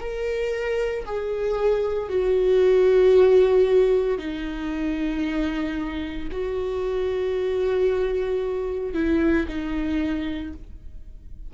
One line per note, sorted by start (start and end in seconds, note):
0.00 1.05 A#4
1.06 2.09 G#4
2.09 4.19 F#4
4.19 6.29 D#4
6.32 8.94 F#4
8.94 9.47 E4
9.49 10.54 D#4